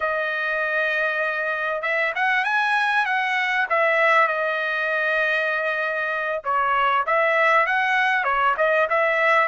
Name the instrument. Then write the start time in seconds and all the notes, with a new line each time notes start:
trumpet
0.00 D#5
1.82 E5
2.15 F#5
2.44 G#5
3.05 F#5
3.69 E5
4.27 D#5
6.44 C#5
7.06 E5
7.66 F#5
8.24 C#5
8.57 D#5
8.89 E5